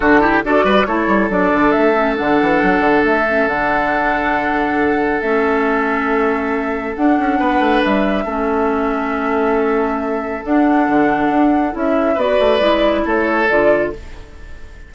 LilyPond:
<<
  \new Staff \with { instrumentName = "flute" } { \time 4/4 \tempo 4 = 138 a'4 d''4 cis''4 d''4 | e''4 fis''2 e''4 | fis''1 | e''1 |
fis''2 e''2~ | e''1 | fis''2. e''4 | d''2 cis''4 d''4 | }
  \new Staff \with { instrumentName = "oboe" } { \time 4/4 fis'8 g'8 a'8 b'8 a'2~ | a'1~ | a'1~ | a'1~ |
a'4 b'2 a'4~ | a'1~ | a'1 | b'2 a'2 | }
  \new Staff \with { instrumentName = "clarinet" } { \time 4/4 d'8 e'8 fis'4 e'4 d'4~ | d'8 cis'8 d'2~ d'8 cis'8 | d'1 | cis'1 |
d'2. cis'4~ | cis'1 | d'2. e'4 | fis'4 e'2 f'4 | }
  \new Staff \with { instrumentName = "bassoon" } { \time 4/4 d4 d'8 g8 a8 g8 fis8 d8 | a4 d8 e8 fis8 d8 a4 | d1 | a1 |
d'8 cis'8 b8 a8 g4 a4~ | a1 | d'4 d4 d'4 cis'4 | b8 a8 gis4 a4 d4 | }
>>